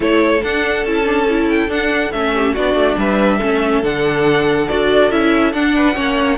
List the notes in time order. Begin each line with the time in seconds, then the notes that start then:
0.00 A3 E4 A4 C#5
0.42 D4 F#5
0.84 C#4 E4 A5
1.04 D4
1.29 E4
1.49 G5
1.67 D4 F#5
2.12 A3 C#4 E5
2.34 G4
2.54 B3 D4 F#4 D5
2.74 A3
2.97 G3 B4 E5
3.37 A3 C#4 A4
3.82 D3 D4 F#5
4.68 D4 F#4 D5
5.10 C#4 E4 E5
5.52 D4 F#5
5.75 B4
5.94 A#3 C#4 C#5